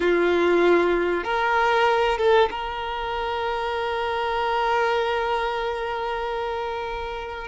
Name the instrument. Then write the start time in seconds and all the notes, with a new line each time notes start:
violin
0.00 F4
1.24 A#4
2.17 A4
2.50 A#4